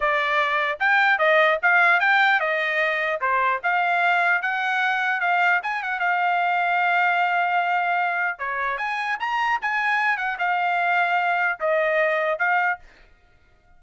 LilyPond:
\new Staff \with { instrumentName = "trumpet" } { \time 4/4 \tempo 4 = 150 d''2 g''4 dis''4 | f''4 g''4 dis''2 | c''4 f''2 fis''4~ | fis''4 f''4 gis''8 fis''8 f''4~ |
f''1~ | f''4 cis''4 gis''4 ais''4 | gis''4. fis''8 f''2~ | f''4 dis''2 f''4 | }